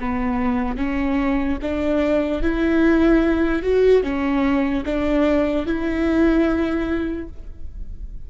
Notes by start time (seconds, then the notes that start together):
0.00 B3
0.77 C#4
1.61 D4
2.42 E4
3.63 F#4
4.03 C#4
4.85 D4
5.66 E4